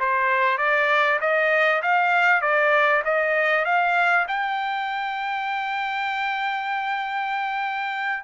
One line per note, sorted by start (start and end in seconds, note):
0.00 0.58 C5
0.58 1.20 D5
1.21 1.83 D#5
1.83 2.42 F5
2.42 3.03 D5
3.05 3.65 D#5
3.65 4.27 F5
4.28 8.24 G5